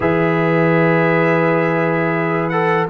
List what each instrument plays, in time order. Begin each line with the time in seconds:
0.00 tuba E3, trombone G#4, horn B4, trumpet E5
2.49 trombone A4, trumpet F#5